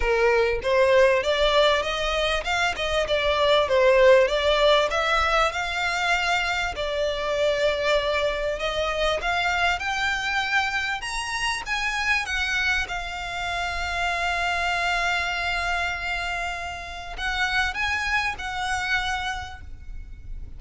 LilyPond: \new Staff \with { instrumentName = "violin" } { \time 4/4 \tempo 4 = 98 ais'4 c''4 d''4 dis''4 | f''8 dis''8 d''4 c''4 d''4 | e''4 f''2 d''4~ | d''2 dis''4 f''4 |
g''2 ais''4 gis''4 | fis''4 f''2.~ | f''1 | fis''4 gis''4 fis''2 | }